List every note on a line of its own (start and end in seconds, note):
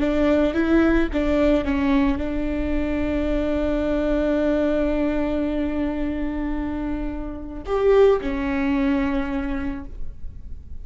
0.00 0.54 D4
0.54 1.09 E4
1.13 1.65 D4
1.65 2.18 C#4
2.18 7.64 D4
7.66 8.20 G4
8.21 9.85 C#4